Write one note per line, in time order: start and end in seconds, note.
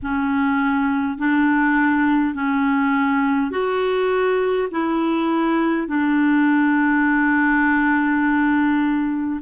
0.02 1.18 C#4
1.18 2.34 D4
2.34 3.50 C#4
3.50 4.68 F#4
4.71 5.87 E4
5.87 9.40 D4